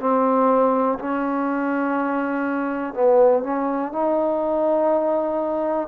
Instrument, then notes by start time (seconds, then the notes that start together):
trombone
0.00 C4
0.99 C#4
2.94 B3
3.44 C#4
3.93 D#4